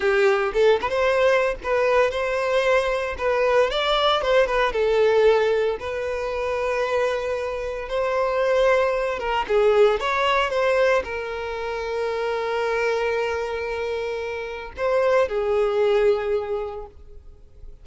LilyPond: \new Staff \with { instrumentName = "violin" } { \time 4/4 \tempo 4 = 114 g'4 a'8 b'16 c''4~ c''16 b'4 | c''2 b'4 d''4 | c''8 b'8 a'2 b'4~ | b'2. c''4~ |
c''4. ais'8 gis'4 cis''4 | c''4 ais'2.~ | ais'1 | c''4 gis'2. | }